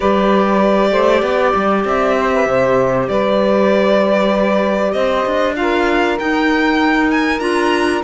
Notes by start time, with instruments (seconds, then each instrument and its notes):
0.00 cello G3, clarinet G4, saxophone B4, violin D5
0.91 cello A3, saxophone C5
1.22 cello B3, saxophone D5
1.55 cello G3
1.85 cello C4, violin E5
2.18 saxophone C5
2.33 saxophone B4
2.46 cello C3, saxophone C5
3.08 cello G3, saxophone B4, violin D5
4.93 cello C4, saxophone C5, violin D#5
5.25 cello D4
5.56 clarinet F4, saxophone A#4, violin F5
6.19 clarinet D#4, cello D#4, violin G5
7.10 violin G#5
7.39 cello D4, clarinet F4, violin A#5